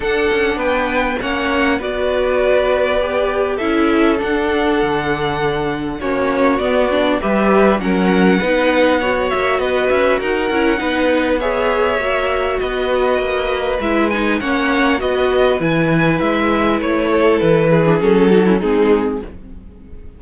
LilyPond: <<
  \new Staff \with { instrumentName = "violin" } { \time 4/4 \tempo 4 = 100 fis''4 g''4 fis''4 d''4~ | d''2 e''4 fis''4~ | fis''2 cis''4 d''4 | e''4 fis''2~ fis''8 e''8 |
dis''8 e''8 fis''2 e''4~ | e''4 dis''2 e''8 gis''8 | fis''4 dis''4 gis''4 e''4 | cis''4 b'4 a'4 gis'4 | }
  \new Staff \with { instrumentName = "violin" } { \time 4/4 a'4 b'4 cis''4 b'4~ | b'2 a'2~ | a'2 fis'2 | b'4 ais'4 b'4 cis''4 |
b'4 ais'4 b'4 cis''4~ | cis''4 b'2. | cis''4 b'2.~ | b'8 a'4 gis'4 fis'16 e'16 dis'4 | }
  \new Staff \with { instrumentName = "viola" } { \time 4/4 d'2 cis'4 fis'4~ | fis'4 g'4 e'4 d'4~ | d'2 cis'4 b8 d'8 | g'4 cis'4 dis'4 fis'4~ |
fis'4. e'8 dis'4 gis'4 | fis'2. e'8 dis'8 | cis'4 fis'4 e'2~ | e'4.~ e'16 d'16 cis'8 dis'16 cis'16 c'4 | }
  \new Staff \with { instrumentName = "cello" } { \time 4/4 d'8 cis'8 b4 ais4 b4~ | b2 cis'4 d'4 | d2 ais4 b4 | g4 fis4 b4. ais8 |
b8 cis'8 dis'8 cis'8 b2 | ais4 b4 ais4 gis4 | ais4 b4 e4 gis4 | a4 e4 fis4 gis4 | }
>>